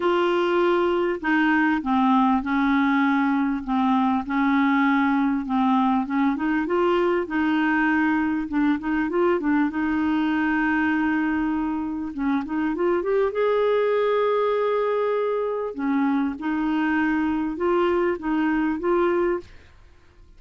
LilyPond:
\new Staff \with { instrumentName = "clarinet" } { \time 4/4 \tempo 4 = 99 f'2 dis'4 c'4 | cis'2 c'4 cis'4~ | cis'4 c'4 cis'8 dis'8 f'4 | dis'2 d'8 dis'8 f'8 d'8 |
dis'1 | cis'8 dis'8 f'8 g'8 gis'2~ | gis'2 cis'4 dis'4~ | dis'4 f'4 dis'4 f'4 | }